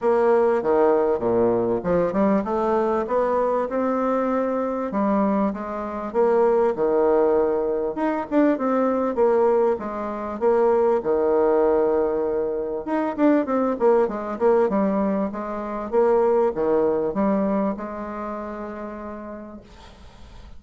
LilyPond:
\new Staff \with { instrumentName = "bassoon" } { \time 4/4 \tempo 4 = 98 ais4 dis4 ais,4 f8 g8 | a4 b4 c'2 | g4 gis4 ais4 dis4~ | dis4 dis'8 d'8 c'4 ais4 |
gis4 ais4 dis2~ | dis4 dis'8 d'8 c'8 ais8 gis8 ais8 | g4 gis4 ais4 dis4 | g4 gis2. | }